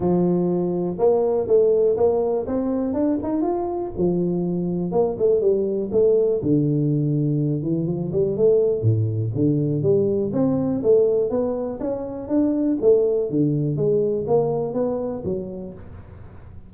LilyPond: \new Staff \with { instrumentName = "tuba" } { \time 4/4 \tempo 4 = 122 f2 ais4 a4 | ais4 c'4 d'8 dis'8 f'4 | f2 ais8 a8 g4 | a4 d2~ d8 e8 |
f8 g8 a4 a,4 d4 | g4 c'4 a4 b4 | cis'4 d'4 a4 d4 | gis4 ais4 b4 fis4 | }